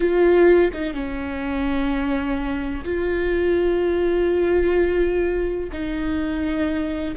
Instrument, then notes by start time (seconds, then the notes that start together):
viola
0.00 F4
0.73 D#4
0.93 C#4
2.84 F4
5.72 D#4